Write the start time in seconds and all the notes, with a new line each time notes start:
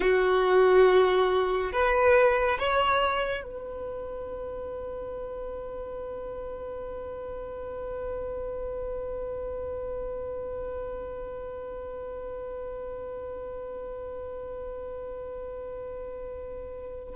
0.00 F#4
1.72 B4
2.59 C#5
3.43 B4